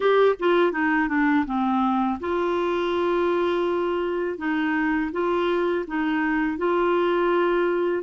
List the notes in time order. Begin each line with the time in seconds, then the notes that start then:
0.00 G4
0.39 F4
0.72 D#4
1.08 D4
1.46 C4
2.20 F4
4.37 D#4
5.12 F4
5.87 D#4
6.57 F4